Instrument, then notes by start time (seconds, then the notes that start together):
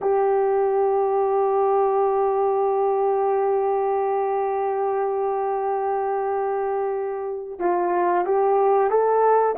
horn
0.01 G4
7.59 F4
8.25 G4
8.90 A4